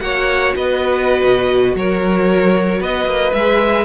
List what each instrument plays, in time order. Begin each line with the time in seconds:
0.00 cello A#3, viola F#4, violin C#5 F#5
0.56 cello B3, violin B4 D#5
1.23 cello B2
1.74 cello F#3, violin A#4 C#5
2.81 cello B3, violin B4 D#5
3.05 cello A#3
3.33 cello G#3, viola G#4, violin E5